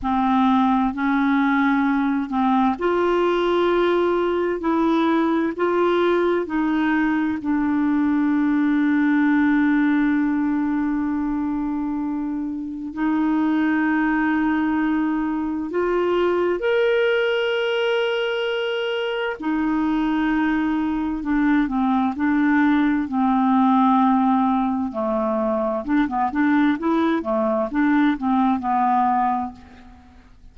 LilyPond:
\new Staff \with { instrumentName = "clarinet" } { \time 4/4 \tempo 4 = 65 c'4 cis'4. c'8 f'4~ | f'4 e'4 f'4 dis'4 | d'1~ | d'2 dis'2~ |
dis'4 f'4 ais'2~ | ais'4 dis'2 d'8 c'8 | d'4 c'2 a4 | d'16 b16 d'8 e'8 a8 d'8 c'8 b4 | }